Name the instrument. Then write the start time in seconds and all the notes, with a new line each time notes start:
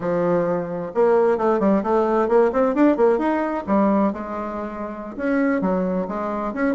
bassoon
0.00 F3
0.94 A#3
1.37 A3
1.59 G3
1.83 A3
2.28 A#3
2.52 C4
2.74 D4
2.96 A#3
3.18 D#4
3.66 G3
4.13 G#3
5.16 C#4
5.61 F#3
6.07 G#3
6.53 C#4